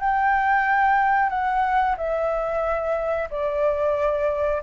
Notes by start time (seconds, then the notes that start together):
0.00 G5
1.30 F#5
1.97 E5
3.31 D5